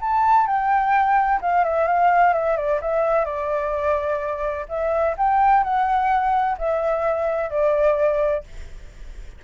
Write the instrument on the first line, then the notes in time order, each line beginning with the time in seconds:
flute
0.00 A5
0.46 G5
1.41 F5
1.64 E5
1.87 F5
2.33 E5
2.56 D5
2.81 E5
3.25 D5
4.68 E5
5.17 G5
5.63 F#5
6.58 E5
7.50 D5